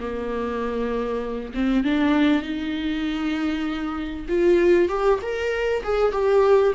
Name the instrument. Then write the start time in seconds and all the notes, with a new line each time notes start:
viola
0.00 A#3
1.54 C4
1.84 D4
2.42 D#4
4.29 F4
4.89 G4
5.22 A#4
5.84 G#4
6.12 G4